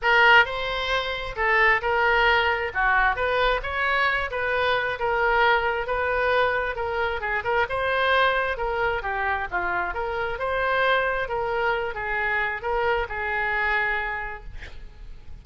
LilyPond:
\new Staff \with { instrumentName = "oboe" } { \time 4/4 \tempo 4 = 133 ais'4 c''2 a'4 | ais'2 fis'4 b'4 | cis''4. b'4. ais'4~ | ais'4 b'2 ais'4 |
gis'8 ais'8 c''2 ais'4 | g'4 f'4 ais'4 c''4~ | c''4 ais'4. gis'4. | ais'4 gis'2. | }